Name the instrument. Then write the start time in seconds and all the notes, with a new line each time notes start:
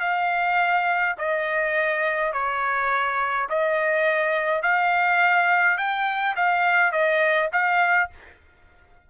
trumpet
0.00 F5
1.18 D#5
2.33 C#5
3.49 D#5
4.63 F5
5.78 G5
6.36 F5
6.92 D#5
7.52 F5